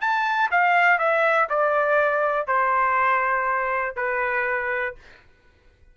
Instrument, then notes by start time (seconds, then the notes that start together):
trumpet
0.00 A5
0.50 F5
0.98 E5
1.49 D5
2.47 C5
3.96 B4